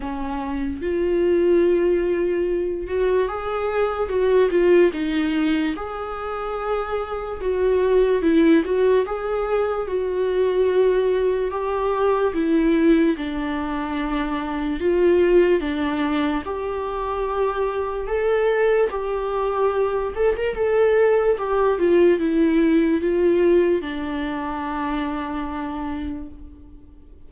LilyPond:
\new Staff \with { instrumentName = "viola" } { \time 4/4 \tempo 4 = 73 cis'4 f'2~ f'8 fis'8 | gis'4 fis'8 f'8 dis'4 gis'4~ | gis'4 fis'4 e'8 fis'8 gis'4 | fis'2 g'4 e'4 |
d'2 f'4 d'4 | g'2 a'4 g'4~ | g'8 a'16 ais'16 a'4 g'8 f'8 e'4 | f'4 d'2. | }